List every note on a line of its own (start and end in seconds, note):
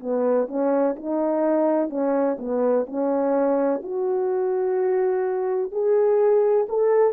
0.00 0.48 B3
0.48 0.95 C#4
0.96 1.90 D#4
1.90 2.37 C#4
2.39 2.86 B3
2.86 3.81 C#4
3.83 5.72 F#4
5.72 6.67 G#4
6.69 7.13 A4